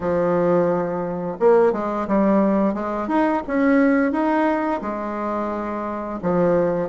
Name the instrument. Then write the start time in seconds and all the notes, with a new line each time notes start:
bassoon
0.00 F3
1.39 A#3
1.72 G#3
2.07 G3
2.74 G#3
3.08 D#4
3.47 C#4
4.12 D#4
4.81 G#3
6.22 F3